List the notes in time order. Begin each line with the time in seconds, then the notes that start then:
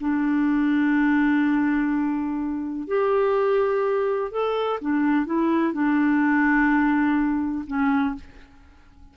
0.00 D4
2.87 G4
4.31 A4
4.81 D4
5.26 E4
5.73 D4
7.67 C#4